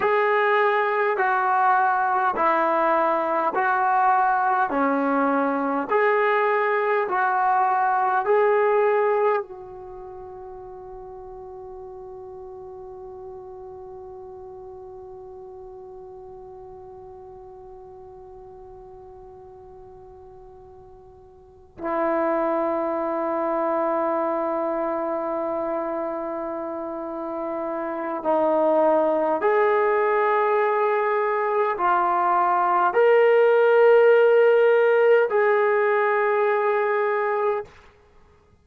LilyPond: \new Staff \with { instrumentName = "trombone" } { \time 4/4 \tempo 4 = 51 gis'4 fis'4 e'4 fis'4 | cis'4 gis'4 fis'4 gis'4 | fis'1~ | fis'1~ |
fis'2~ fis'8 e'4.~ | e'1 | dis'4 gis'2 f'4 | ais'2 gis'2 | }